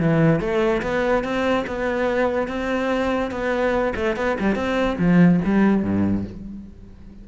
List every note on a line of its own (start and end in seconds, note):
0.00 0.41 E3
0.41 0.82 A3
0.83 1.24 B3
1.24 1.66 C4
1.68 2.48 B3
2.48 3.31 C4
3.31 3.94 B3
3.96 4.17 A3
4.17 4.37 B3
4.40 4.56 G3
4.56 4.97 C4
4.99 5.41 F3
5.45 5.83 G3
5.83 6.25 G2